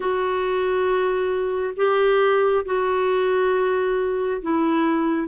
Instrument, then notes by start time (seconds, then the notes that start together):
clarinet
0.00 F#4
1.76 G4
2.65 F#4
4.42 E4